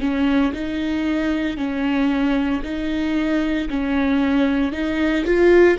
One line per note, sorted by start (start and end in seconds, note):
0.00 0.53 C#4
0.53 1.57 D#4
1.57 2.62 C#4
2.63 3.68 D#4
3.69 4.72 C#4
4.72 5.24 D#4
5.25 5.78 F4